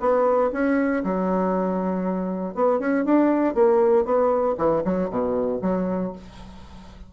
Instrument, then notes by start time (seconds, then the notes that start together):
bassoon
0.00 B3
0.52 C#4
1.04 F#3
2.54 B3
2.79 C#4
3.05 D4
3.54 A#3
4.05 B3
4.58 E3
4.84 F#3
5.10 B2
5.62 F#3